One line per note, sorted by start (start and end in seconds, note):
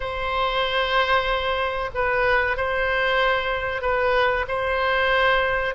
0.00 1.90 C5
1.94 2.56 B4
2.56 3.82 C5
3.82 4.45 B4
4.47 5.74 C5